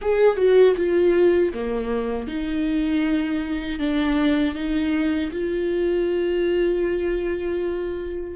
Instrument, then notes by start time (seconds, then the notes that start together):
viola
0.01 G#4
0.36 F#4
0.76 F4
1.53 A#3
2.27 D#4
3.79 D4
4.54 D#4
5.32 F4